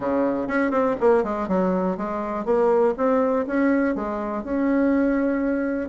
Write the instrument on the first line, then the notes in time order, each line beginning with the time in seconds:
bassoon
0.00 C#3
0.47 C#4
0.70 C4
1.00 A#3
1.23 G#3
1.48 F#3
1.97 G#3
2.45 A#3
2.97 C4
3.46 C#4
3.95 G#3
4.43 C#4